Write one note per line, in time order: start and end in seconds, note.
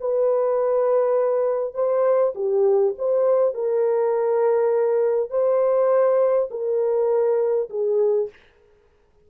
0.00 1.74 B4
1.74 2.33 C5
2.35 2.94 G4
2.98 3.54 C5
3.54 5.30 A#4
5.30 6.49 C5
6.50 7.69 A#4
7.70 8.29 G#4